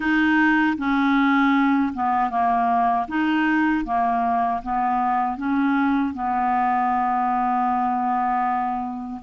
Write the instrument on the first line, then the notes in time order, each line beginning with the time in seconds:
clarinet
0.00 D#4
0.77 C#4
1.93 B3
2.30 A#3
3.08 D#4
3.84 A#3
4.62 B3
5.37 C#4
6.14 B3